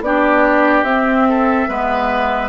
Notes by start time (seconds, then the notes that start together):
0.00 B3 D4 G4 D5
0.83 C4 E5
1.28 A4
1.68 G#3 B3 B4